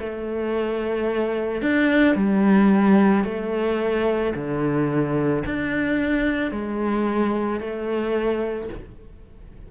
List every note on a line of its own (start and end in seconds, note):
0.00 1.62 A3
1.62 2.16 D4
2.16 3.25 G3
3.25 4.34 A3
4.35 5.44 D3
5.46 6.52 D4
6.52 7.61 G#3
7.61 8.70 A3